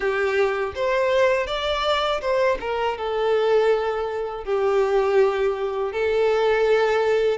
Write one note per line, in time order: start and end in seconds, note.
0.00 0.73 G4
0.75 1.46 C5
1.46 2.21 D5
2.21 2.58 C5
2.60 2.97 A#4
2.97 4.44 A4
4.44 5.92 G4
5.92 7.37 A4